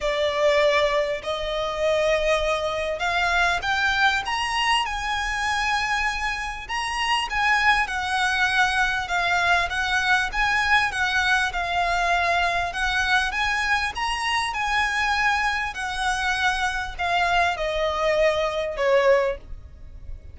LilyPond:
\new Staff \with { instrumentName = "violin" } { \time 4/4 \tempo 4 = 99 d''2 dis''2~ | dis''4 f''4 g''4 ais''4 | gis''2. ais''4 | gis''4 fis''2 f''4 |
fis''4 gis''4 fis''4 f''4~ | f''4 fis''4 gis''4 ais''4 | gis''2 fis''2 | f''4 dis''2 cis''4 | }